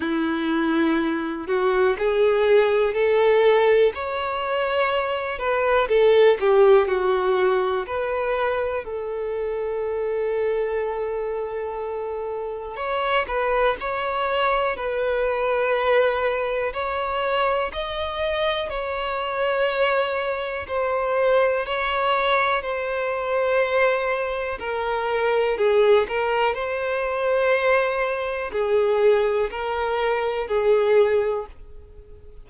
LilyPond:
\new Staff \with { instrumentName = "violin" } { \time 4/4 \tempo 4 = 61 e'4. fis'8 gis'4 a'4 | cis''4. b'8 a'8 g'8 fis'4 | b'4 a'2.~ | a'4 cis''8 b'8 cis''4 b'4~ |
b'4 cis''4 dis''4 cis''4~ | cis''4 c''4 cis''4 c''4~ | c''4 ais'4 gis'8 ais'8 c''4~ | c''4 gis'4 ais'4 gis'4 | }